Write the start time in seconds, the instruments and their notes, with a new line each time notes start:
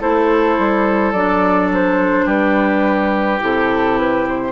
0.00 bassoon A3, clarinet E4, oboe A4, flute C5
0.58 bassoon G3
1.12 bassoon F#3, clarinet D4, flute D5
1.73 flute C5
2.25 bassoon G3, oboe G4, flute B4
3.40 bassoon C3, clarinet E4, flute A4
3.98 flute B4
4.27 flute C5